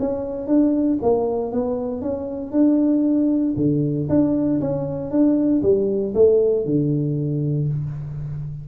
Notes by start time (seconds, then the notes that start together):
0.00 C#4
0.48 D4
1.03 A#3
1.52 B3
2.02 C#4
2.52 D4
3.57 D3
4.10 D4
4.61 C#4
5.11 D4
5.63 G3
6.15 A3
6.66 D3